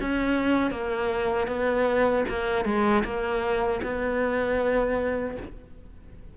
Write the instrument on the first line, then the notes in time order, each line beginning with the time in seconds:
cello
0.00 C#4
0.71 A#3
1.47 B3
2.29 A#3
2.65 G#3
3.04 A#3
3.83 B3